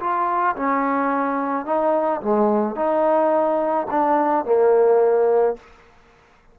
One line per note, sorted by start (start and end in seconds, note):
0.00 0.56 F4
0.56 1.66 C#4
1.66 2.21 D#4
2.21 2.76 G#3
2.76 3.87 D#4
3.91 4.45 D4
4.45 5.57 A#3